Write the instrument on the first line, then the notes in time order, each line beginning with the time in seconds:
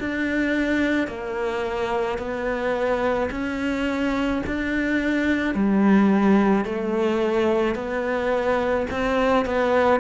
cello
0.00 D4
1.08 A#3
2.19 B3
3.31 C#4
4.47 D4
5.55 G3
6.66 A3
7.76 B3
8.91 C4
9.46 B3